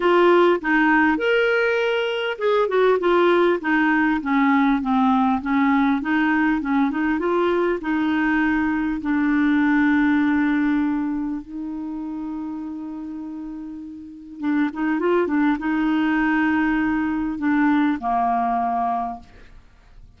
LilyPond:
\new Staff \with { instrumentName = "clarinet" } { \time 4/4 \tempo 4 = 100 f'4 dis'4 ais'2 | gis'8 fis'8 f'4 dis'4 cis'4 | c'4 cis'4 dis'4 cis'8 dis'8 | f'4 dis'2 d'4~ |
d'2. dis'4~ | dis'1 | d'8 dis'8 f'8 d'8 dis'2~ | dis'4 d'4 ais2 | }